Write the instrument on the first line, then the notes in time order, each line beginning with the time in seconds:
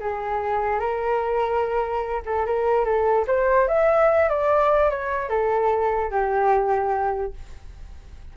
flute
0.00 G#4
0.80 A#4
2.25 A4
2.46 A#4
2.85 A4
3.27 C5
3.68 E5
4.29 D5
4.90 C#5
5.29 A4
6.11 G4